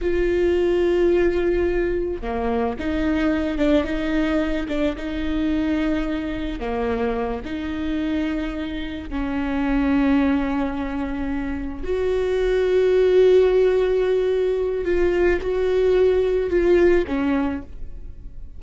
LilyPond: \new Staff \with { instrumentName = "viola" } { \time 4/4 \tempo 4 = 109 f'1 | ais4 dis'4. d'8 dis'4~ | dis'8 d'8 dis'2. | ais4. dis'2~ dis'8~ |
dis'8 cis'2.~ cis'8~ | cis'4. fis'2~ fis'8~ | fis'2. f'4 | fis'2 f'4 cis'4 | }